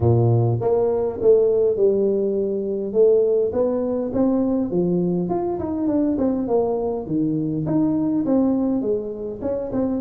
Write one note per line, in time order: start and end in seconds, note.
0.00 0.58 A#2
0.60 1.19 A#3
1.21 1.76 A3
1.76 2.93 G3
2.93 3.51 A3
3.52 4.11 B3
4.13 4.71 C4
4.71 5.29 F3
5.29 5.58 F4
5.59 5.87 D#4
5.87 6.17 D4
6.18 6.47 C4
6.47 7.06 A#3
7.06 7.65 D#3
7.66 8.24 D#4
8.25 8.81 C4
8.81 9.40 G#3
9.41 9.71 C#4
9.72 10.01 C4